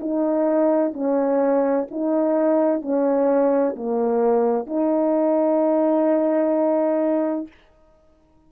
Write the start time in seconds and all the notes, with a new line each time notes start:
0.00 D#4
0.93 C#4
1.90 D#4
2.82 C#4
3.76 A#3
4.66 D#4